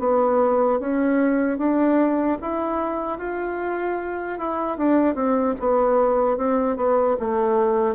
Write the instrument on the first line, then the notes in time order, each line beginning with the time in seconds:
bassoon
0.00 B3
0.80 C#4
1.59 D4
2.41 E4
3.19 F4
4.39 E4
4.78 D4
5.15 C4
5.60 B3
6.38 C4
6.77 B3
7.20 A3